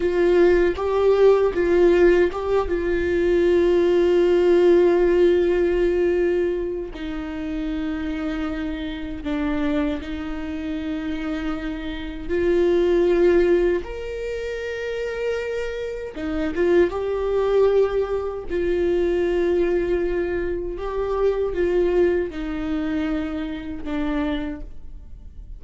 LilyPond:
\new Staff \with { instrumentName = "viola" } { \time 4/4 \tempo 4 = 78 f'4 g'4 f'4 g'8 f'8~ | f'1~ | f'4 dis'2. | d'4 dis'2. |
f'2 ais'2~ | ais'4 dis'8 f'8 g'2 | f'2. g'4 | f'4 dis'2 d'4 | }